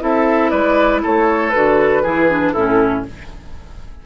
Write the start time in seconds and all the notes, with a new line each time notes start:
0.00 C4 E4 A4 E5
0.50 G#3 B4 D5
1.03 A3 A4 C#5
1.50 D3 F#4 B4
2.03 E3 E4 G#4
2.30 D4
2.53 A2 C#4 E4 A4